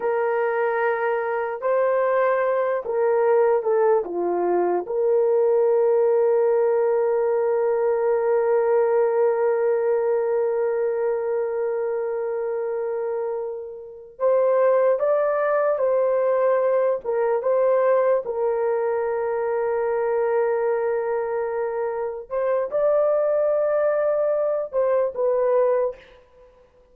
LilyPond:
\new Staff \with { instrumentName = "horn" } { \time 4/4 \tempo 4 = 74 ais'2 c''4. ais'8~ | ais'8 a'8 f'4 ais'2~ | ais'1~ | ais'1~ |
ais'4. c''4 d''4 c''8~ | c''4 ais'8 c''4 ais'4.~ | ais'2.~ ais'8 c''8 | d''2~ d''8 c''8 b'4 | }